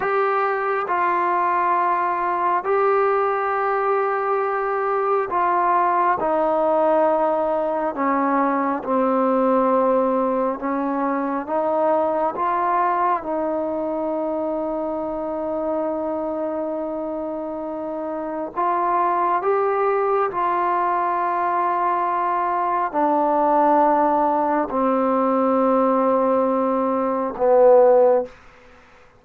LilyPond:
\new Staff \with { instrumentName = "trombone" } { \time 4/4 \tempo 4 = 68 g'4 f'2 g'4~ | g'2 f'4 dis'4~ | dis'4 cis'4 c'2 | cis'4 dis'4 f'4 dis'4~ |
dis'1~ | dis'4 f'4 g'4 f'4~ | f'2 d'2 | c'2. b4 | }